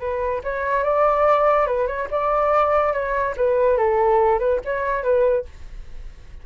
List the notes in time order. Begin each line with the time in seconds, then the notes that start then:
0.00 B4
0.44 C#5
0.84 D5
1.67 B4
1.87 C#5
2.11 D5
2.93 C#5
3.37 B4
3.78 A4
4.40 B4
4.65 C#5
5.04 B4